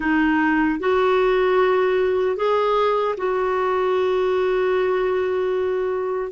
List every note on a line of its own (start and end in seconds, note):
0.00 0.79 D#4
0.79 2.36 F#4
2.36 3.15 G#4
3.17 6.31 F#4